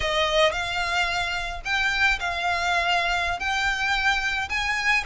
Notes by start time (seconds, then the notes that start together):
0.00 D#5
0.52 F5
1.64 G5
2.19 F5
3.39 G5
4.49 G#5